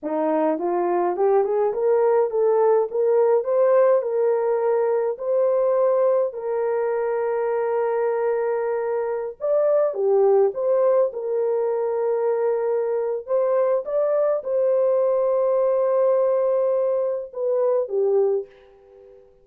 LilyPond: \new Staff \with { instrumentName = "horn" } { \time 4/4 \tempo 4 = 104 dis'4 f'4 g'8 gis'8 ais'4 | a'4 ais'4 c''4 ais'4~ | ais'4 c''2 ais'4~ | ais'1~ |
ais'16 d''4 g'4 c''4 ais'8.~ | ais'2. c''4 | d''4 c''2.~ | c''2 b'4 g'4 | }